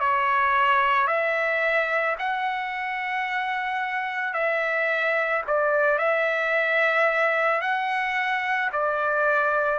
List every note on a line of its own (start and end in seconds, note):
0.00 1.08 C#5
1.08 2.17 E5
2.19 4.34 F#5
4.34 5.43 E5
5.48 5.99 D5
5.99 7.62 E5
7.62 8.71 F#5
8.73 9.79 D5